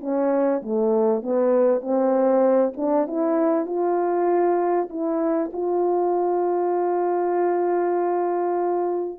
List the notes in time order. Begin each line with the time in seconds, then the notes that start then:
0.00 C#4
0.62 A3
1.22 B3
1.81 C4
2.76 D4
3.07 E4
3.66 F4
4.89 E4
5.52 F4